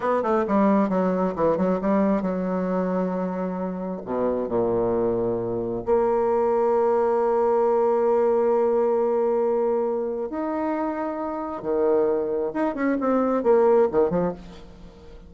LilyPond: \new Staff \with { instrumentName = "bassoon" } { \time 4/4 \tempo 4 = 134 b8 a8 g4 fis4 e8 fis8 | g4 fis2.~ | fis4 b,4 ais,2~ | ais,4 ais2.~ |
ais1~ | ais2. dis'4~ | dis'2 dis2 | dis'8 cis'8 c'4 ais4 dis8 f8 | }